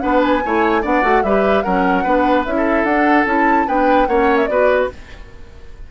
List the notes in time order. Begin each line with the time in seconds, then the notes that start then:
0.00 B3 D4 B4 F#5
0.23 G#5
0.46 A3 E4 C#5
0.82 B3 D4 D5 F#5
1.03 A3 F#4
1.23 G3 G4 B4 E5
1.63 F#3 C#4 A#4 F#5
2.04 B3 D4 B4
2.45 C#4 E4 E5
2.57 A4
2.84 D4 F#5
3.26 C#4 E4 A5
3.67 B3 D4 B4 G5
4.06 A#3 C#4 C#5 F#5
4.37 E5
4.47 B3 F#4 B4 D5